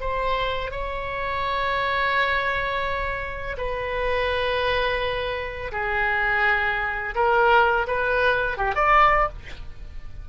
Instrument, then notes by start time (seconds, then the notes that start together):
oboe
0.00 C5
0.71 C#5
3.57 B4
5.71 G#4
7.15 A#4
7.87 B4
8.57 G4
8.75 D5